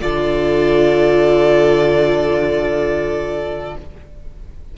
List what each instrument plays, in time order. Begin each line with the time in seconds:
0.00 cello D3, viola F4, violin A4 D5